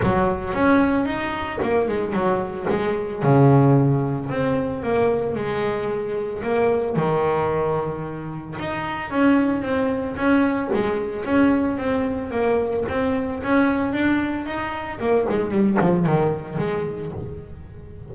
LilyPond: \new Staff \with { instrumentName = "double bass" } { \time 4/4 \tempo 4 = 112 fis4 cis'4 dis'4 ais8 gis8 | fis4 gis4 cis2 | c'4 ais4 gis2 | ais4 dis2. |
dis'4 cis'4 c'4 cis'4 | gis4 cis'4 c'4 ais4 | c'4 cis'4 d'4 dis'4 | ais8 gis8 g8 f8 dis4 gis4 | }